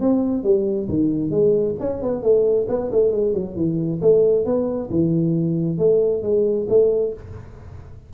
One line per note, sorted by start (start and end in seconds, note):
0.00 0.43 C4
0.43 0.88 G3
0.88 1.30 D#3
1.30 1.75 G#3
1.80 2.02 C#4
2.02 2.22 B3
2.22 2.67 A3
2.68 2.90 B3
2.92 3.11 A3
3.11 3.33 G#3
3.33 3.56 F#3
3.56 4.00 E3
4.01 4.45 A3
4.45 4.89 B3
4.90 5.78 E3
5.78 6.22 A3
6.22 6.67 G#3
6.69 7.13 A3